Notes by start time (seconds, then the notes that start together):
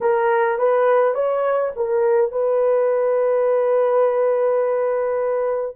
0.00 A#4
0.58 B4
1.14 C#5
1.76 A#4
2.31 B4